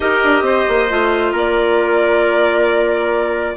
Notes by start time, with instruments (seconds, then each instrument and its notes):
0.00 bassoon D#4, clarinet G4, trumpet A#4, violin D#5
0.23 bassoon D4
0.41 bassoon C4, trumpet C5
0.68 bassoon A#3
0.89 bassoon A3, clarinet F4
1.32 bassoon A#3, trumpet A#4, violin D5